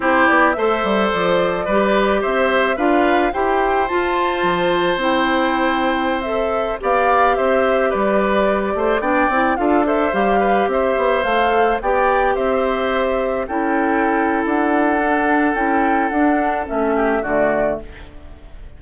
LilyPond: <<
  \new Staff \with { instrumentName = "flute" } { \time 4/4 \tempo 4 = 108 c''8 d''8 e''4 d''2 | e''4 f''4 g''4 a''4~ | a''4 g''2~ g''16 e''8.~ | e''16 f''4 e''4 d''4.~ d''16~ |
d''16 g''4 f''8 e''8 f''4 e''8.~ | e''16 f''4 g''4 e''4.~ e''16~ | e''16 g''4.~ g''16 fis''2 | g''4 fis''4 e''4 d''4 | }
  \new Staff \with { instrumentName = "oboe" } { \time 4/4 g'4 c''2 b'4 | c''4 b'4 c''2~ | c''1~ | c''16 d''4 c''4 b'4. c''16~ |
c''16 d''4 a'8 c''4 b'8 c''8.~ | c''4~ c''16 d''4 c''4.~ c''16~ | c''16 a'2.~ a'8.~ | a'2~ a'8 g'8 fis'4 | }
  \new Staff \with { instrumentName = "clarinet" } { \time 4/4 e'4 a'2 g'4~ | g'4 f'4 g'4 f'4~ | f'4 e'2~ e'16 a'8.~ | a'16 g'2.~ g'8.~ |
g'16 d'8 e'8 f'8 a'8 g'4.~ g'16~ | g'16 a'4 g'2~ g'8.~ | g'16 e'2~ e'8. d'4 | e'4 d'4 cis'4 a4 | }
  \new Staff \with { instrumentName = "bassoon" } { \time 4/4 c'8 b8 a8 g8 f4 g4 | c'4 d'4 e'4 f'4 | f4 c'2.~ | c'16 b4 c'4 g4. a16~ |
a16 b8 c'8 d'4 g4 c'8 b16~ | b16 a4 b4 c'4.~ c'16~ | c'16 cis'4.~ cis'16 d'2 | cis'4 d'4 a4 d4 | }
>>